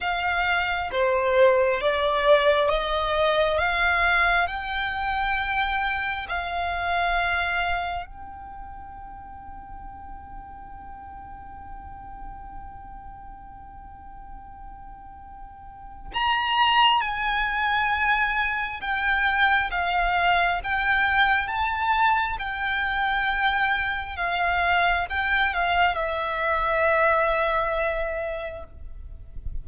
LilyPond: \new Staff \with { instrumentName = "violin" } { \time 4/4 \tempo 4 = 67 f''4 c''4 d''4 dis''4 | f''4 g''2 f''4~ | f''4 g''2.~ | g''1~ |
g''2 ais''4 gis''4~ | gis''4 g''4 f''4 g''4 | a''4 g''2 f''4 | g''8 f''8 e''2. | }